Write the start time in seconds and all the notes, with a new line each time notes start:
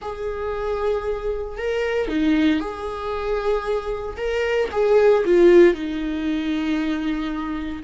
0.01 G#4
1.57 A#4
2.08 D#4
2.59 G#4
4.16 A#4
4.71 G#4
5.25 F4
5.74 D#4